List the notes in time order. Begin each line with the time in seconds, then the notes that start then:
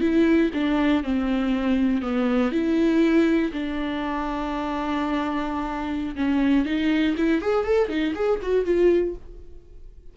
0.00 E4
0.54 D4
1.03 C4
2.01 B3
2.51 E4
3.52 D4
6.15 C#4
6.65 D#4
7.17 E4
7.41 G#4
7.65 A4
7.88 D#4
8.15 G#4
8.42 F#4
8.65 F4